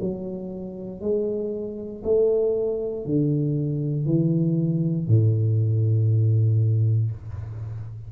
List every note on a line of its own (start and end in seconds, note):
0.00 1.00 F#3
1.00 2.02 G#3
2.04 3.06 A3
3.06 4.05 D3
4.05 5.07 E3
5.08 7.11 A2